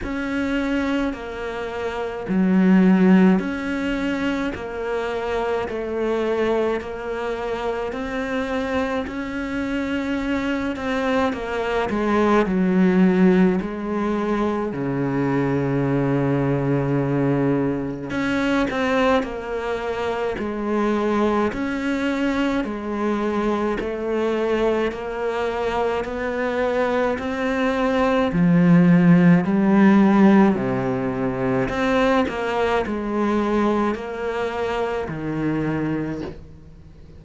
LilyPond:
\new Staff \with { instrumentName = "cello" } { \time 4/4 \tempo 4 = 53 cis'4 ais4 fis4 cis'4 | ais4 a4 ais4 c'4 | cis'4. c'8 ais8 gis8 fis4 | gis4 cis2. |
cis'8 c'8 ais4 gis4 cis'4 | gis4 a4 ais4 b4 | c'4 f4 g4 c4 | c'8 ais8 gis4 ais4 dis4 | }